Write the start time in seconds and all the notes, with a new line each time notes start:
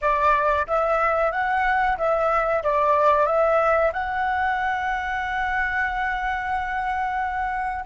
0.01 D5
0.67 E5
1.31 F#5
1.97 E5
2.63 D5
3.26 E5
3.92 F#5